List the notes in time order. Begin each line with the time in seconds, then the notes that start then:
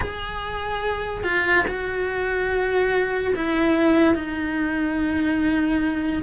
0.00 G#4
1.23 F4
1.67 F#4
3.35 E4
4.14 D#4